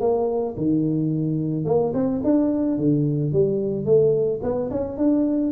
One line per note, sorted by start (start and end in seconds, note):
0.00 0.55 A#3
0.57 1.65 D#3
1.65 1.92 A#3
1.93 2.21 C4
2.23 2.78 D4
2.78 3.32 D3
3.32 3.85 G3
3.85 4.40 A3
4.42 4.70 B3
4.70 4.97 C#4
4.97 5.52 D4